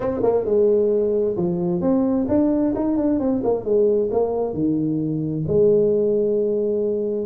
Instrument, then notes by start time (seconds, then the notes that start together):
tuba
0.00 C4
0.23 A#3
0.45 G#3
1.36 F3
1.81 C4
2.28 D4
2.75 D#4
2.97 D4
3.19 C4
3.43 A#3
3.64 G#3
4.11 A#3
4.53 D#3
5.47 G#3